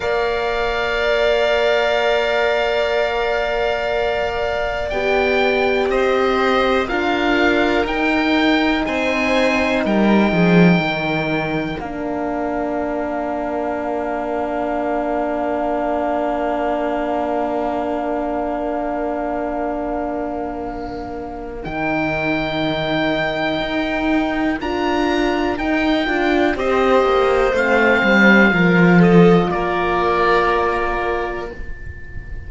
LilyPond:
<<
  \new Staff \with { instrumentName = "oboe" } { \time 4/4 \tempo 4 = 61 f''1~ | f''4 g''4 dis''4 f''4 | g''4 gis''4 g''2 | f''1~ |
f''1~ | f''2 g''2~ | g''4 ais''4 g''4 dis''4 | f''4. dis''8 d''2 | }
  \new Staff \with { instrumentName = "violin" } { \time 4/4 d''1~ | d''2 c''4 ais'4~ | ais'4 c''4 ais'8 gis'8 ais'4~ | ais'1~ |
ais'1~ | ais'1~ | ais'2. c''4~ | c''4 ais'8 a'8 ais'2 | }
  \new Staff \with { instrumentName = "horn" } { \time 4/4 ais'1~ | ais'4 g'2 f'4 | dis'1 | d'1~ |
d'1~ | d'2 dis'2~ | dis'4 f'4 dis'8 f'8 g'4 | c'4 f'2. | }
  \new Staff \with { instrumentName = "cello" } { \time 4/4 ais1~ | ais4 b4 c'4 d'4 | dis'4 c'4 g8 f8 dis4 | ais1~ |
ais1~ | ais2 dis2 | dis'4 d'4 dis'8 d'8 c'8 ais8 | a8 g8 f4 ais2 | }
>>